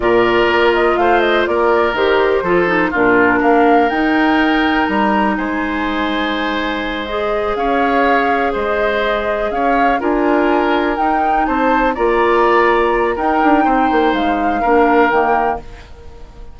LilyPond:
<<
  \new Staff \with { instrumentName = "flute" } { \time 4/4 \tempo 4 = 123 d''4. dis''8 f''8 dis''8 d''4 | c''2 ais'4 f''4 | g''2 ais''4 gis''4~ | gis''2~ gis''8 dis''4 f''8~ |
f''4. dis''2 f''8~ | f''8 gis''2 g''4 a''8~ | a''8 ais''2~ ais''8 g''4~ | g''4 f''2 g''4 | }
  \new Staff \with { instrumentName = "oboe" } { \time 4/4 ais'2 c''4 ais'4~ | ais'4 a'4 f'4 ais'4~ | ais'2. c''4~ | c''2.~ c''8 cis''8~ |
cis''4. c''2 cis''8~ | cis''8 ais'2. c''8~ | c''8 d''2~ d''8 ais'4 | c''2 ais'2 | }
  \new Staff \with { instrumentName = "clarinet" } { \time 4/4 f'1 | g'4 f'8 dis'8 d'2 | dis'1~ | dis'2~ dis'8 gis'4.~ |
gis'1~ | gis'8 f'2 dis'4.~ | dis'8 f'2~ f'8 dis'4~ | dis'2 d'4 ais4 | }
  \new Staff \with { instrumentName = "bassoon" } { \time 4/4 ais,4 ais4 a4 ais4 | dis4 f4 ais,4 ais4 | dis'2 g4 gis4~ | gis2.~ gis8 cis'8~ |
cis'4. gis2 cis'8~ | cis'8 d'2 dis'4 c'8~ | c'8 ais2~ ais8 dis'8 d'8 | c'8 ais8 gis4 ais4 dis4 | }
>>